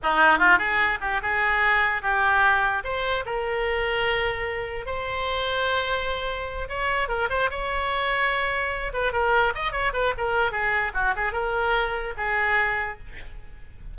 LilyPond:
\new Staff \with { instrumentName = "oboe" } { \time 4/4 \tempo 4 = 148 dis'4 f'8 gis'4 g'8 gis'4~ | gis'4 g'2 c''4 | ais'1 | c''1~ |
c''8 cis''4 ais'8 c''8 cis''4.~ | cis''2 b'8 ais'4 dis''8 | cis''8 b'8 ais'4 gis'4 fis'8 gis'8 | ais'2 gis'2 | }